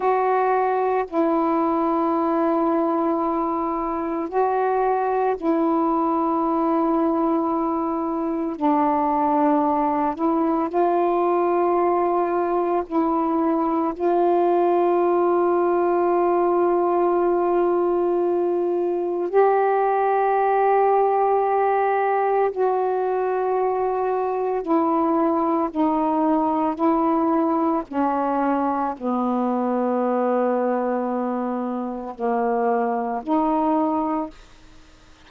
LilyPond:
\new Staff \with { instrumentName = "saxophone" } { \time 4/4 \tempo 4 = 56 fis'4 e'2. | fis'4 e'2. | d'4. e'8 f'2 | e'4 f'2.~ |
f'2 g'2~ | g'4 fis'2 e'4 | dis'4 e'4 cis'4 b4~ | b2 ais4 dis'4 | }